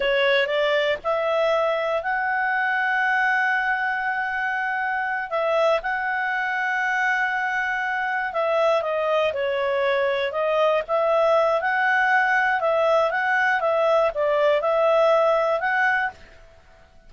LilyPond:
\new Staff \with { instrumentName = "clarinet" } { \time 4/4 \tempo 4 = 119 cis''4 d''4 e''2 | fis''1~ | fis''2~ fis''8 e''4 fis''8~ | fis''1~ |
fis''8 e''4 dis''4 cis''4.~ | cis''8 dis''4 e''4. fis''4~ | fis''4 e''4 fis''4 e''4 | d''4 e''2 fis''4 | }